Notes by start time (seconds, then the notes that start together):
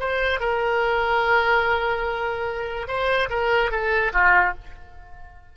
0.00 C5
0.40 A#4
2.88 C5
3.30 A#4
3.71 A4
4.13 F4